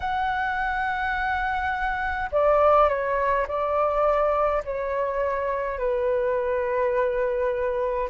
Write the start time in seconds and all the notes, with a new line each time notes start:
0.00 F#5
2.31 D5
2.88 C#5
3.47 D5
4.64 C#5
5.78 B4